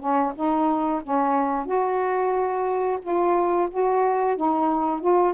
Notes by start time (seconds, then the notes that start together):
0.00 C#4
0.35 D#4
1.04 C#4
1.66 F#4
3.03 F4
3.71 F#4
4.37 D#4
5.02 F4